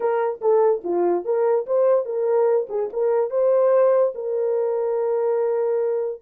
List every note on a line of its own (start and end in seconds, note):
0.00 0.40 A#4
0.41 0.82 A4
0.84 1.24 F4
1.24 1.66 A#4
1.66 2.05 C5
2.05 2.67 A#4
2.69 2.89 G#4
2.92 3.30 A#4
3.30 4.13 C5
4.14 6.21 A#4